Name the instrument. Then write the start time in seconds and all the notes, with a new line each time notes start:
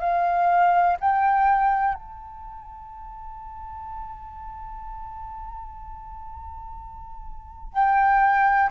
flute
0.00 F5
1.00 G5
1.94 A5
7.73 G5